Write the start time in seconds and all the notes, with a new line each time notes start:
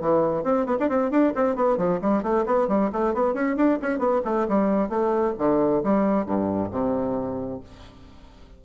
0.00 E3
0.43 C4
0.66 B3
0.79 D4
0.88 C4
1.10 D4
1.35 C4
1.55 B3
1.77 F3
2.01 G3
2.22 A3
2.46 B3
2.67 G3
2.92 A3
3.14 B3
3.33 C#4
3.56 D4
3.82 C#4
3.98 B3
4.24 A3
4.48 G3
4.89 A3
5.38 D3
5.83 G3
6.26 G2
6.71 C3